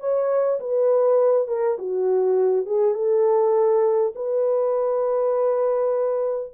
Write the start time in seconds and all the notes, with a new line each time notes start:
0.00 C#5
0.60 B4
1.48 A#4
1.78 F#4
2.66 G#4
2.94 A4
4.15 B4